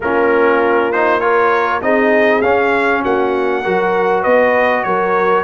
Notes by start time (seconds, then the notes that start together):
0.00 A#3 C#4 F4 A#4
0.92 D#4 C5
1.19 F4 A#4 C#5
1.81 C4 D#4 G#4 D#5
2.41 C#4 F5
3.02 A#3 F#4 F#5
3.61 F#3 F#4 A#4
4.22 B3 B4 D#5
4.83 F#3 A#4 C#5